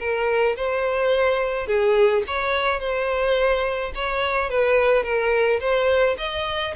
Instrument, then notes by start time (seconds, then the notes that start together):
violin
0.00 A#4
0.56 C5
1.67 G#4
2.27 C#5
2.80 C5
3.95 C#5
4.50 B4
5.04 A#4
5.60 C5
6.18 D#5